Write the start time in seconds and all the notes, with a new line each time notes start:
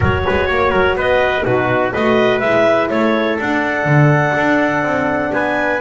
0.00 F#3 F#4 A#4 C#5
0.25 G#3 B4
0.46 A#3 C#5
0.70 F#3 A#4
0.95 B3 B4 D#5
1.43 B2 D#4 F#4 B4
1.92 A3 F#4 B4 D#5
2.39 G#3 E4 E5
2.89 A3 A4 C#5
3.40 D4 F#5
3.85 D3
4.36 D4
4.83 C4
5.32 B3 B4 G#5